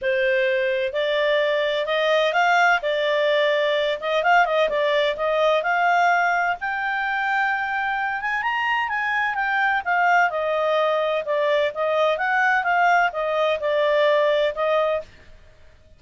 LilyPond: \new Staff \with { instrumentName = "clarinet" } { \time 4/4 \tempo 4 = 128 c''2 d''2 | dis''4 f''4 d''2~ | d''8 dis''8 f''8 dis''8 d''4 dis''4 | f''2 g''2~ |
g''4. gis''8 ais''4 gis''4 | g''4 f''4 dis''2 | d''4 dis''4 fis''4 f''4 | dis''4 d''2 dis''4 | }